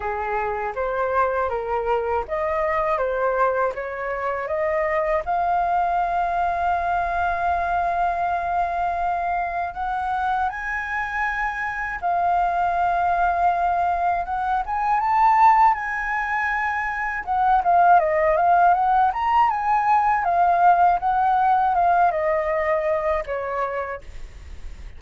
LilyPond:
\new Staff \with { instrumentName = "flute" } { \time 4/4 \tempo 4 = 80 gis'4 c''4 ais'4 dis''4 | c''4 cis''4 dis''4 f''4~ | f''1~ | f''4 fis''4 gis''2 |
f''2. fis''8 gis''8 | a''4 gis''2 fis''8 f''8 | dis''8 f''8 fis''8 ais''8 gis''4 f''4 | fis''4 f''8 dis''4. cis''4 | }